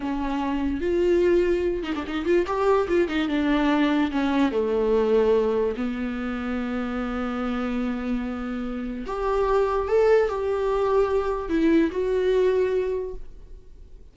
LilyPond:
\new Staff \with { instrumentName = "viola" } { \time 4/4 \tempo 4 = 146 cis'2 f'2~ | f'8 dis'16 d'16 dis'8 f'8 g'4 f'8 dis'8 | d'2 cis'4 a4~ | a2 b2~ |
b1~ | b2 g'2 | a'4 g'2. | e'4 fis'2. | }